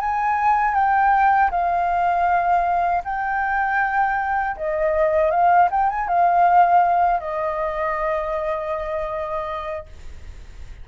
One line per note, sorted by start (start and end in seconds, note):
0.00 0.74 G#5
0.74 1.50 G5
1.51 3.03 F5
3.04 4.56 G5
4.57 5.31 D#5
5.31 5.69 F5
5.71 5.90 G5
5.90 6.08 G#5
6.08 7.20 F5
7.20 9.86 D#5